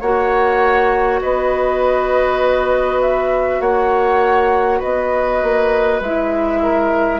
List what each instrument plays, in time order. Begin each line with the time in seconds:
0.00 bassoon A#3, clarinet F#4, oboe C#5, flute F#5
1.22 bassoon B3, oboe B4, flute D#5
3.02 flute E5
3.60 bassoon A#3, oboe C#5, flute F#5
4.79 bassoon B3, oboe B4, flute D#5
5.43 bassoon A#3
6.00 bassoon G#3, clarinet E4, flute E5
6.62 oboe A#4